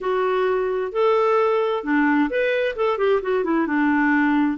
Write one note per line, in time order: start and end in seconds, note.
0.01 0.91 F#4
0.91 1.83 A4
1.83 2.29 D4
2.29 2.75 B4
2.76 2.98 A4
2.98 3.20 G4
3.22 3.44 F#4
3.44 3.66 E4
3.66 4.57 D4